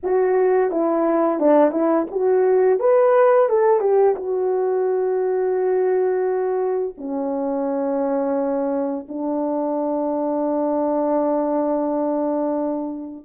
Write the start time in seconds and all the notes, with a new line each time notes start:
0.03 F#4
0.71 E4
1.40 D4
1.71 E4
2.10 F#4
2.79 B4
3.49 A4
3.80 G4
4.15 F#4
6.97 C#4
9.08 D4